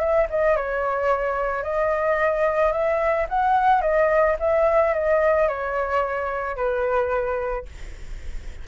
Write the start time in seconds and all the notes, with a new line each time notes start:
0.00 E5
0.30 D#5
0.56 C#5
1.63 D#5
2.72 E5
3.29 F#5
3.82 D#5
4.40 E5
4.94 D#5
5.48 C#5
6.57 B4